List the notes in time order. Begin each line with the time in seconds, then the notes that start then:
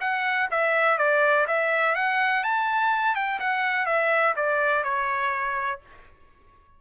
0.00 F#5
0.51 E5
0.98 D5
1.47 E5
1.95 F#5
2.43 A5
3.15 G5
3.39 F#5
3.86 E5
4.36 D5
4.84 C#5